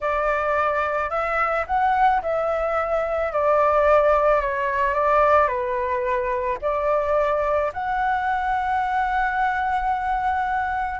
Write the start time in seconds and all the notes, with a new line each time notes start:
0.01 D5
1.10 E5
1.66 F#5
2.22 E5
3.32 D5
4.41 C#5
4.94 D5
5.47 B4
6.61 D5
7.73 F#5